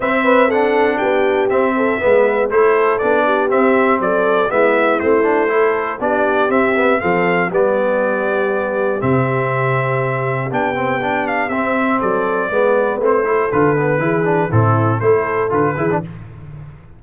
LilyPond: <<
  \new Staff \with { instrumentName = "trumpet" } { \time 4/4 \tempo 4 = 120 e''4 fis''4 g''4 e''4~ | e''4 c''4 d''4 e''4 | d''4 e''4 c''2 | d''4 e''4 f''4 d''4~ |
d''2 e''2~ | e''4 g''4. f''8 e''4 | d''2 c''4 b'4~ | b'4 a'4 c''4 b'4 | }
  \new Staff \with { instrumentName = "horn" } { \time 4/4 c''8 b'8 a'4 g'4. a'8 | b'4 a'4. g'4. | a'4 e'2 a'4 | g'2 a'4 g'4~ |
g'1~ | g'1 | a'4 b'4. a'4. | gis'4 e'4 a'4. gis'8 | }
  \new Staff \with { instrumentName = "trombone" } { \time 4/4 c'4 d'2 c'4 | b4 e'4 d'4 c'4~ | c'4 b4 c'8 d'8 e'4 | d'4 c'8 b8 c'4 b4~ |
b2 c'2~ | c'4 d'8 c'8 d'4 c'4~ | c'4 b4 c'8 e'8 f'8 b8 | e'8 d'8 c'4 e'4 f'8 e'16 d'16 | }
  \new Staff \with { instrumentName = "tuba" } { \time 4/4 c'2 b4 c'4 | gis4 a4 b4 c'4 | fis4 gis4 a2 | b4 c'4 f4 g4~ |
g2 c2~ | c4 b2 c'4 | fis4 gis4 a4 d4 | e4 a,4 a4 d8 e8 | }
>>